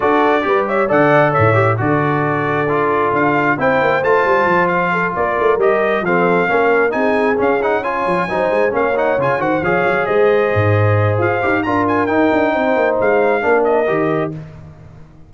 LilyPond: <<
  \new Staff \with { instrumentName = "trumpet" } { \time 4/4 \tempo 4 = 134 d''4. e''8 fis''4 e''4 | d''2. f''4 | g''4 a''4. f''4 d''8~ | d''8 dis''4 f''2 gis''8~ |
gis''8 f''8 fis''8 gis''2 f''8 | fis''8 gis''8 fis''8 f''4 dis''4.~ | dis''4 f''4 ais''8 gis''8 g''4~ | g''4 f''4. dis''4. | }
  \new Staff \with { instrumentName = "horn" } { \time 4/4 a'4 b'8 cis''8 d''4 cis''4 | a'1 | c''2. a'8 ais'8~ | ais'4. a'4 ais'4 gis'8~ |
gis'4. cis''4 c''4 cis''8~ | cis''4 c''8 cis''4 c''4.~ | c''2 ais'2 | c''2 ais'2 | }
  \new Staff \with { instrumentName = "trombone" } { \time 4/4 fis'4 g'4 a'4. g'8 | fis'2 f'2 | e'4 f'2.~ | f'8 g'4 c'4 cis'4 dis'8~ |
dis'8 cis'8 dis'8 f'4 dis'4 cis'8 | dis'8 f'8 fis'8 gis'2~ gis'8~ | gis'4. g'8 f'4 dis'4~ | dis'2 d'4 g'4 | }
  \new Staff \with { instrumentName = "tuba" } { \time 4/4 d'4 g4 d4 a,4 | d2. d'4 | c'8 ais8 a8 g8 f4. ais8 | a8 g4 f4 ais4 c'8~ |
c'8 cis'4. f8 fis8 gis8 ais8~ | ais8 cis8 dis8 f8 fis8 gis4 gis,8~ | gis,4 f'8 dis'8 d'4 dis'8 d'8 | c'8 ais8 gis4 ais4 dis4 | }
>>